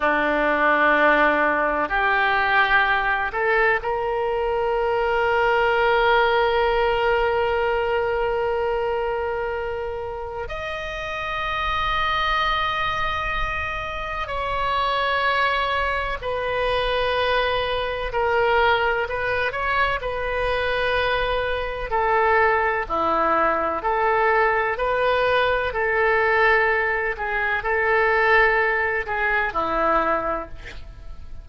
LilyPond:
\new Staff \with { instrumentName = "oboe" } { \time 4/4 \tempo 4 = 63 d'2 g'4. a'8 | ais'1~ | ais'2. dis''4~ | dis''2. cis''4~ |
cis''4 b'2 ais'4 | b'8 cis''8 b'2 a'4 | e'4 a'4 b'4 a'4~ | a'8 gis'8 a'4. gis'8 e'4 | }